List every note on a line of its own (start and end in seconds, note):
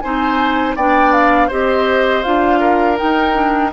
0.00 0.76 C4
0.00 0.77 D#4
0.00 0.75 C5
0.00 0.74 G#5
0.75 1.50 B3
0.75 1.50 D4
0.75 1.48 D5
0.75 1.12 G5
1.12 1.49 F5
1.48 2.24 C4
1.48 2.24 G4
1.48 2.59 C5
1.48 2.23 D#5
2.23 3.00 D4
2.23 2.97 F4
2.23 2.97 F5
2.60 3.71 A#4
2.97 3.33 D#4
2.97 3.73 D#4
2.97 3.71 G5
3.33 3.70 D4